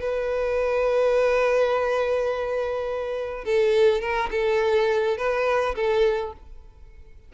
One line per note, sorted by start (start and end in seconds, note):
0.00 3.45 B4
3.45 4.01 A4
4.01 4.30 A#4
4.31 5.17 A4
5.17 5.75 B4
5.75 6.33 A4